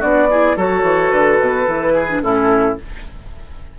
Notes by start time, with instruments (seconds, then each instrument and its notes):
0.00 bassoon B3, clarinet D4, oboe F#4, flute D5
0.31 clarinet E4, oboe G#4
0.57 bassoon F#3, clarinet F#4, oboe A4, flute C#5
0.83 bassoon E3
1.11 bassoon D3, flute B4
1.40 bassoon B2
1.67 bassoon E3, clarinet E4
1.94 oboe G#4
2.09 clarinet D4
2.22 bassoon A2, clarinet C#4, oboe E4, flute A4